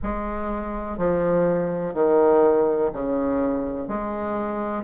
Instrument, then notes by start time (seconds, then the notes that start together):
bassoon
0.02 G#3
0.97 F3
1.94 D#3
2.93 C#3
3.88 G#3